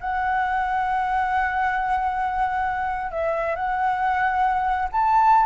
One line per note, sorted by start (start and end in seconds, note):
0.00 3.11 F#5
3.11 3.55 E5
3.55 4.88 F#5
4.92 5.45 A5